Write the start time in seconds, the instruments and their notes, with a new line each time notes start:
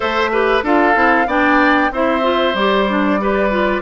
0.00 bassoon A3, clarinet A4, oboe C5, flute E5
0.32 clarinet G4, oboe B4
0.63 bassoon D4, clarinet F4, oboe A4, flute F5
0.94 bassoon C4, clarinet E4
1.26 bassoon B3, clarinet D4, oboe D5, flute G5
1.91 bassoon C4, clarinet E4, oboe C5, flute E5
2.21 clarinet F4
2.54 bassoon G3, clarinet G4, flute D5
2.88 clarinet D4
3.20 clarinet G4, oboe B4
3.50 clarinet F4